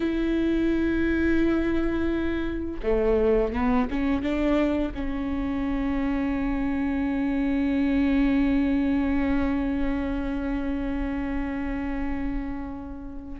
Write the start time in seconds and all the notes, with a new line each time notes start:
0.00 E4
2.82 A3
3.53 B3
3.90 C#4
4.22 D4
4.94 C#4